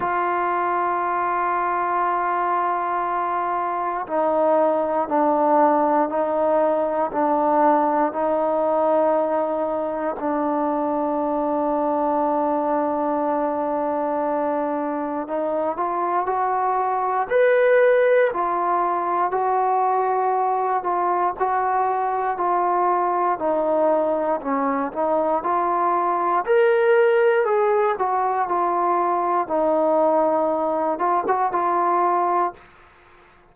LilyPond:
\new Staff \with { instrumentName = "trombone" } { \time 4/4 \tempo 4 = 59 f'1 | dis'4 d'4 dis'4 d'4 | dis'2 d'2~ | d'2. dis'8 f'8 |
fis'4 b'4 f'4 fis'4~ | fis'8 f'8 fis'4 f'4 dis'4 | cis'8 dis'8 f'4 ais'4 gis'8 fis'8 | f'4 dis'4. f'16 fis'16 f'4 | }